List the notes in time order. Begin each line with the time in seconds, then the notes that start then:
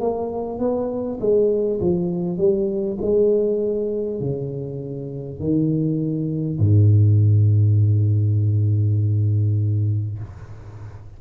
0.00 A#3
0.59 B3
1.20 G#3
1.81 F3
2.38 G3
3.02 G#3
4.20 C#3
5.40 D#3
6.59 G#2